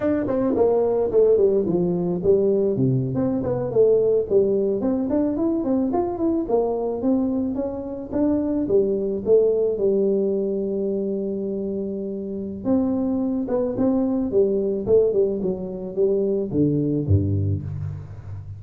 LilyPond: \new Staff \with { instrumentName = "tuba" } { \time 4/4 \tempo 4 = 109 d'8 c'8 ais4 a8 g8 f4 | g4 c8. c'8 b8 a4 g16~ | g8. c'8 d'8 e'8 c'8 f'8 e'8 ais16~ | ais8. c'4 cis'4 d'4 g16~ |
g8. a4 g2~ g16~ | g2. c'4~ | c'8 b8 c'4 g4 a8 g8 | fis4 g4 d4 g,4 | }